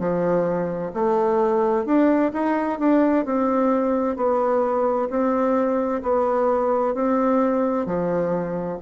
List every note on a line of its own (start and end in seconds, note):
0.00 0.92 F3
0.94 1.86 A3
1.86 2.32 D4
2.34 2.79 D#4
2.79 3.26 D4
3.26 4.17 C4
4.17 5.09 B3
5.10 6.03 C4
6.03 6.95 B3
6.95 7.86 C4
7.86 8.79 F3